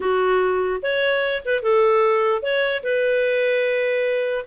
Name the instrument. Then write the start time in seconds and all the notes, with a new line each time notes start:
clarinet
0.00 F#4
0.82 C#5
1.45 B4
1.62 A4
2.42 C#5
2.83 B4